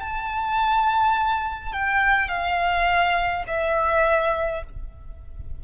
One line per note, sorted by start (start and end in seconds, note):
0.00 1.72 A5
1.72 2.28 G5
2.28 3.44 F5
3.47 4.63 E5